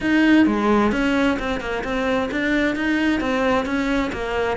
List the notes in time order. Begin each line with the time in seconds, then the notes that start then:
0.00 D#4
0.46 G#3
0.92 C#4
1.39 C4
1.60 A#3
1.84 C4
2.31 D4
2.75 D#4
3.20 C4
3.65 C#4
4.12 A#3